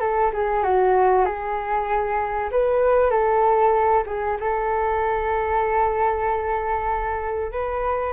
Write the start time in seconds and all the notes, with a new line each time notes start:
0.00 A4
0.34 G#4
0.63 F#4
1.25 G#4
2.52 B4
3.11 A4
4.07 G#4
4.40 A4
7.52 B4